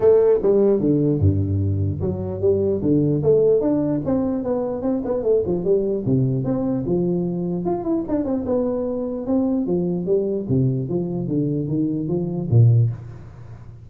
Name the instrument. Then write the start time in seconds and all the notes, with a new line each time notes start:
tuba
0.00 A3
0.42 G3
0.80 D3
1.19 G2
2.00 F#3
2.41 G3
2.82 D3
3.23 A3
3.60 D4
4.05 C4
4.43 B3
4.81 C4
5.04 B3
5.23 A3
5.45 F3
5.64 G3
6.05 C3
6.44 C4
6.86 F3
7.65 F4
7.84 E4
8.08 D4
8.24 C4
8.45 B3
9.26 C4
9.66 F3
10.05 G3
10.49 C3
10.89 F3
11.27 D3
11.68 D#3
12.08 F3
12.49 A#2